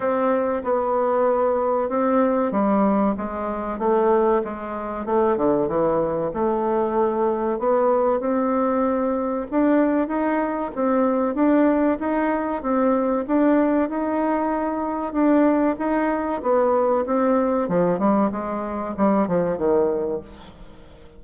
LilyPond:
\new Staff \with { instrumentName = "bassoon" } { \time 4/4 \tempo 4 = 95 c'4 b2 c'4 | g4 gis4 a4 gis4 | a8 d8 e4 a2 | b4 c'2 d'4 |
dis'4 c'4 d'4 dis'4 | c'4 d'4 dis'2 | d'4 dis'4 b4 c'4 | f8 g8 gis4 g8 f8 dis4 | }